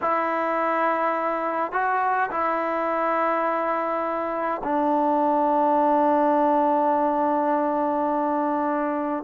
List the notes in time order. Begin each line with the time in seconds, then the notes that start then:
0.01 E4
1.72 F#4
2.30 E4
4.63 D4